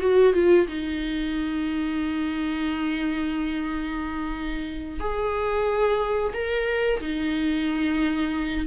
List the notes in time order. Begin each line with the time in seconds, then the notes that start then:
0.00 F#4
0.34 F4
0.68 D#4
5.00 G#4
6.33 A#4
7.01 D#4